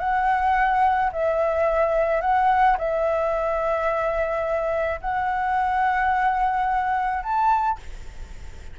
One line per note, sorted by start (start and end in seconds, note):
0.00 1.11 F#5
1.13 2.22 E5
2.22 2.77 F#5
2.79 5.01 E5
5.01 7.23 F#5
7.23 7.79 A5